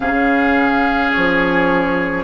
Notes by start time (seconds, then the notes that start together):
0.00 C#3 C#4 G#4 F5
1.11 F3 C#5